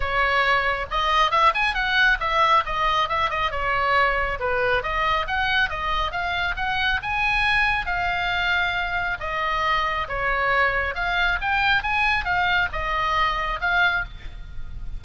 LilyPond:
\new Staff \with { instrumentName = "oboe" } { \time 4/4 \tempo 4 = 137 cis''2 dis''4 e''8 gis''8 | fis''4 e''4 dis''4 e''8 dis''8 | cis''2 b'4 dis''4 | fis''4 dis''4 f''4 fis''4 |
gis''2 f''2~ | f''4 dis''2 cis''4~ | cis''4 f''4 g''4 gis''4 | f''4 dis''2 f''4 | }